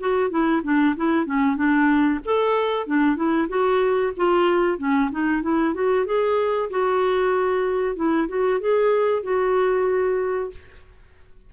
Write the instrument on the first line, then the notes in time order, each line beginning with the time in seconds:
clarinet
0.00 F#4
0.30 E4
0.64 D4
0.97 E4
1.26 C#4
1.56 D4
2.25 A4
2.87 D4
3.17 E4
3.49 F#4
4.17 F4
4.79 C#4
5.12 D#4
5.43 E4
5.75 F#4
6.06 G#4
6.71 F#4
7.96 E4
8.29 F#4
8.61 G#4
9.23 F#4